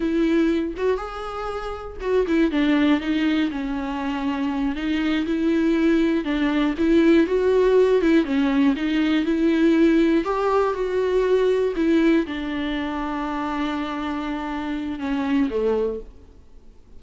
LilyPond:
\new Staff \with { instrumentName = "viola" } { \time 4/4 \tempo 4 = 120 e'4. fis'8 gis'2 | fis'8 e'8 d'4 dis'4 cis'4~ | cis'4. dis'4 e'4.~ | e'8 d'4 e'4 fis'4. |
e'8 cis'4 dis'4 e'4.~ | e'8 g'4 fis'2 e'8~ | e'8 d'2.~ d'8~ | d'2 cis'4 a4 | }